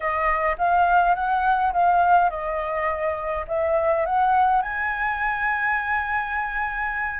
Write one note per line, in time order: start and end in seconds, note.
0.00 0.56 D#5
0.58 1.14 F5
1.14 1.72 F#5
1.73 2.29 F5
2.29 3.45 D#5
3.47 4.05 E5
4.05 4.62 F#5
4.62 7.20 G#5